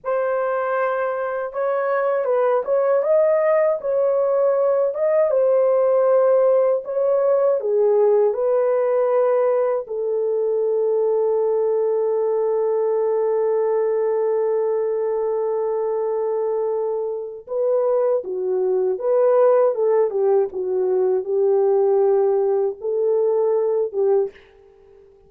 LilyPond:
\new Staff \with { instrumentName = "horn" } { \time 4/4 \tempo 4 = 79 c''2 cis''4 b'8 cis''8 | dis''4 cis''4. dis''8 c''4~ | c''4 cis''4 gis'4 b'4~ | b'4 a'2.~ |
a'1~ | a'2. b'4 | fis'4 b'4 a'8 g'8 fis'4 | g'2 a'4. g'8 | }